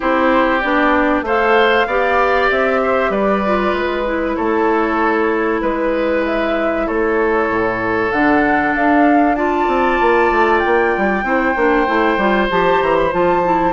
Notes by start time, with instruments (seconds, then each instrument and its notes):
0.00 bassoon C4, clarinet E4, oboe G4, flute C5
0.60 bassoon B3, clarinet D4, flute D5
1.21 bassoon A3, clarinet A4, oboe C5, flute F5
1.87 bassoon B3, clarinet G4, oboe D5
2.50 bassoon C4, flute E5
2.83 oboe C5
3.09 bassoon G3, oboe B4, flute D5
3.45 clarinet F4
3.72 bassoon G#3
3.79 flute B4
4.05 clarinet E4
4.36 bassoon A3, oboe A4, flute C#5
5.61 bassoon G#3, flute B4, oboe B4
6.25 flute E5
6.86 bassoon A3, oboe A4, flute C#5
7.49 bassoon A2
8.11 bassoon D3, clarinet D4, flute F#5
8.74 bassoon D4, flute F5
9.35 clarinet F4, oboe D5, flute A5
9.67 bassoon C4
10.00 bassoon A#3
10.31 bassoon A3
10.59 flute G5
10.65 bassoon A#3
10.97 bassoon G3
11.23 bassoon C4, clarinet E4, oboe C5
11.56 bassoon A#3, clarinet D4
11.87 bassoon A3, clarinet E4
12.17 bassoon G3, clarinet F4
12.50 bassoon F3, clarinet G4, flute A5
12.81 bassoon E3, flute A#5
12.96 flute B5
13.11 bassoon F3, clarinet F4, flute A5
13.43 clarinet E4